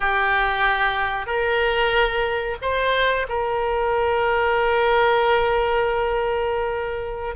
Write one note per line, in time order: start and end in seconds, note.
0.00 1.26 G4
1.26 2.56 A#4
2.61 3.26 C5
3.28 7.35 A#4